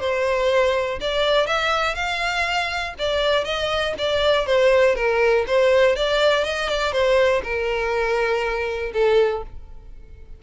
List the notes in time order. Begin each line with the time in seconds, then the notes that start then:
0.00 C5
1.01 D5
1.47 E5
1.95 F5
2.99 D5
3.45 D#5
3.98 D5
4.47 C5
4.96 A#4
5.47 C5
5.96 D5
6.44 D#5
6.69 D5
6.92 C5
7.44 A#4
8.94 A4